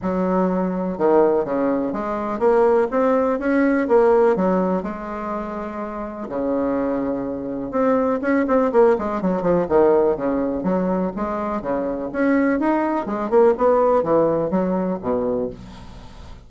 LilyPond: \new Staff \with { instrumentName = "bassoon" } { \time 4/4 \tempo 4 = 124 fis2 dis4 cis4 | gis4 ais4 c'4 cis'4 | ais4 fis4 gis2~ | gis4 cis2. |
c'4 cis'8 c'8 ais8 gis8 fis8 f8 | dis4 cis4 fis4 gis4 | cis4 cis'4 dis'4 gis8 ais8 | b4 e4 fis4 b,4 | }